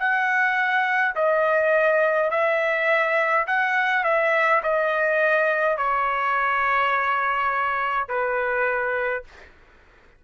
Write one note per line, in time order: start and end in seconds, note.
0.00 1.15 F#5
1.16 2.31 D#5
2.31 3.47 E5
3.47 4.04 F#5
4.04 4.62 E5
4.64 5.78 D#5
5.78 8.09 C#5
8.09 9.24 B4